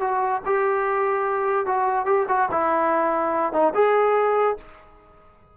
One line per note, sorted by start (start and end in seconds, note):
0.00 0.41 F#4
0.46 1.66 G4
1.66 2.05 F#4
2.05 2.26 G4
2.28 2.49 F#4
2.51 3.53 E4
3.53 3.73 D#4
3.74 4.57 G#4